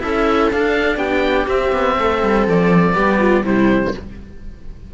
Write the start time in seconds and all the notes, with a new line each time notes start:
0.00 C#4 E4 A4 E5
0.52 D4 F5
0.97 B3 G4 G5
1.47 C4 E5
1.73 B3
1.99 A3 A4
2.23 G3
2.47 F3 D5
2.94 G3 B3 G4
3.19 F4
3.44 C3 G3 E4 C5